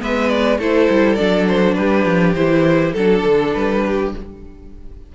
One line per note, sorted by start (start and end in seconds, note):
0.00 0.59 G#3
0.00 0.59 B3
0.00 0.58 B4
0.00 0.29 E5
0.29 0.58 D5
0.58 0.88 A3
0.58 1.18 E4
0.58 1.76 A4
0.58 1.15 C5
0.89 1.19 G3
1.15 1.79 F#3
1.15 2.36 D4
1.15 1.45 D5
1.48 1.75 C5
1.75 2.06 G3
1.75 2.95 G4
1.75 2.33 B4
2.06 2.35 F3
2.35 2.94 E3
2.35 2.95 E4
2.35 2.93 C5
2.93 3.24 F#3
2.93 4.15 D4
2.93 3.52 A4
2.93 3.84 A4
3.25 3.55 D3
3.54 4.14 G3
3.54 4.13 B4
3.85 4.15 G4